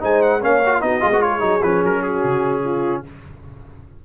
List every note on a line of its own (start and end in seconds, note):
0.00 0.43 G#3
0.00 0.40 D#4
0.00 0.41 C5
0.00 0.22 G#5
0.22 0.42 F#5
0.41 0.82 A#3
0.41 0.62 C#4
0.41 0.81 C#5
0.41 0.82 F5
0.66 0.73 F#4
0.73 0.81 F4
0.81 1.02 B3
0.81 1.00 D#4
0.81 1.02 F#4
0.81 1.22 D#5
1.00 1.41 G#3
1.00 1.10 F4
1.00 1.10 G#4
1.10 1.21 B3
1.10 1.20 F#4
1.20 1.40 F4
1.20 2.02 G#4
1.20 1.63 C#5
1.40 1.61 F#3
1.40 1.60 D#4
1.63 1.83 F3
1.63 3.05 C#4
1.63 1.83 B4
1.83 2.24 F#3
1.83 2.03 A#4
2.02 2.63 F#4
2.02 3.03 G#4
2.24 3.04 C#3
2.64 3.04 F4